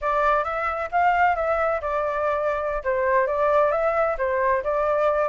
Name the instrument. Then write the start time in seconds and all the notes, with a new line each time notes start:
flute
0.01 D5
0.44 E5
0.91 F5
1.35 E5
1.81 D5
2.84 C5
3.26 D5
3.71 E5
4.18 C5
4.63 D5